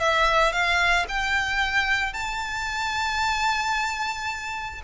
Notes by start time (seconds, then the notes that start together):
0.00 E5
0.53 F5
1.09 G5
2.14 A5